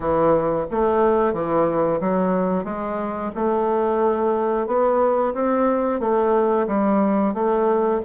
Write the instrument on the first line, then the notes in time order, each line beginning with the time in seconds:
bassoon
0.00 E3
0.70 A3
1.33 E3
2.00 F#3
2.64 G#3
3.35 A3
4.67 B3
5.34 C4
6.00 A3
6.67 G3
7.34 A3